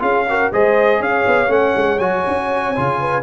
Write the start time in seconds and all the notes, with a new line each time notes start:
0.00 C#4 F4 G#4 F5
0.29 F#4 A#4
0.52 G#3 G#4 C5 D#5
1.00 C#4 C#5 F5
1.27 B3
1.48 A3 C#4 F#5
1.76 G#3
1.99 F#3 F#4 G#5
2.27 C#4
2.76 C#3 F4
3.00 B4